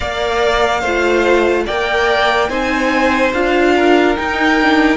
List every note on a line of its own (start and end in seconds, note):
0.00 0.82 A#3
0.00 0.84 A#4
0.00 0.80 D5
0.00 1.66 F5
0.80 1.66 A3
0.80 1.68 F4
0.80 1.63 C5
1.65 2.49 A#3
1.65 2.49 A#4
1.65 2.49 D5
1.65 2.49 G5
2.49 3.32 C4
2.49 3.32 D#4
2.49 3.74 C5
2.49 3.32 G#5
3.33 4.17 D4
3.33 4.17 F4
3.33 4.16 F5
3.75 4.97 A#4
4.16 4.59 D#4
4.16 4.97 D#4
4.16 4.97 G5
4.61 4.97 D4